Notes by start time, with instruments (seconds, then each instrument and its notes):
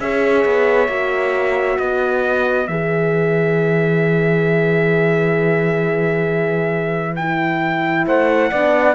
0.00 cello C#4, horn G#4, saxophone C#5, trumpet E5
0.45 cello B3
0.88 cello A#3, horn F#4
1.78 cello B3, saxophone B4, trumpet D#5
2.67 cello E3, horn G#4, trumpet E5
7.16 horn E4, trumpet G5
8.06 cello A3, saxophone C5, trumpet F#5
8.50 cello B3, horn D4, saxophone D5